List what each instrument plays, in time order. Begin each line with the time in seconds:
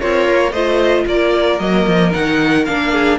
0.00 cello C4, violin F4 C#5, viola A#4
0.28 cello A#3
0.51 cello A3, viola F4, violin C5 D#5
1.06 cello A#3, violin A#4 D5
1.59 cello F#3, viola A#3, violin D#5
1.87 cello F3
2.11 cello D#3, viola D#4, violin F#5
2.65 cello A#3, viola D4, violin F5
2.92 violin G#4